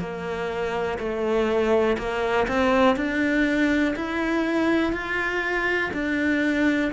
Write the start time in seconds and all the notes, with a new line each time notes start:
0.00 A#3
0.99 A3
1.98 A#3
2.48 C4
2.96 D4
3.96 E4
4.93 F4
5.94 D4